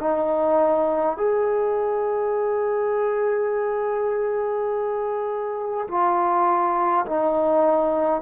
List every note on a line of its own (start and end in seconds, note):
0.00 1.17 D#4
1.17 5.87 G#4
5.88 7.05 F4
7.06 8.21 D#4